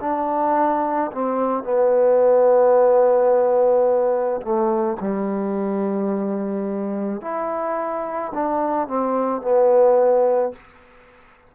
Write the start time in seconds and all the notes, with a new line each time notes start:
0.00 D4
1.12 C4
1.63 B3
4.41 A3
5.00 G3
7.21 E4
8.34 D4
8.87 C4
9.41 B3